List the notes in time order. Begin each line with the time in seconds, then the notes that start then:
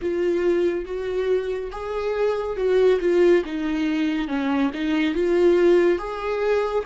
0.01 F4
0.85 F#4
1.71 G#4
2.56 F#4
3.00 F4
3.45 D#4
4.28 C#4
4.73 D#4
5.14 F4
5.98 G#4